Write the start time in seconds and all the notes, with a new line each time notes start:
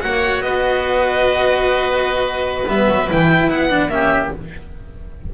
0.00 A#3 F#4 C#5 F#5
0.40 B3 B4 D#5
2.66 G3 B3 E5
2.89 F#3
3.08 E3 E4 G5
3.49 B3 F#5
3.69 D4
3.88 A#3 C#4 G4 E5